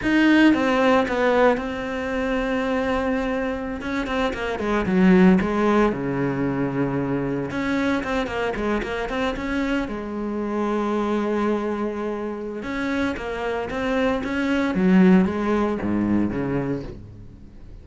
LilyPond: \new Staff \with { instrumentName = "cello" } { \time 4/4 \tempo 4 = 114 dis'4 c'4 b4 c'4~ | c'2.~ c'16 cis'8 c'16~ | c'16 ais8 gis8 fis4 gis4 cis8.~ | cis2~ cis16 cis'4 c'8 ais16~ |
ais16 gis8 ais8 c'8 cis'4 gis4~ gis16~ | gis1 | cis'4 ais4 c'4 cis'4 | fis4 gis4 gis,4 cis4 | }